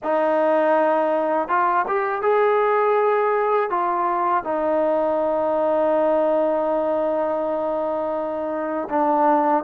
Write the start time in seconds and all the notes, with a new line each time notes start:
0.03 D#4
1.48 F4
1.87 G4
2.22 G#4
3.70 F4
4.43 D#4
8.89 D4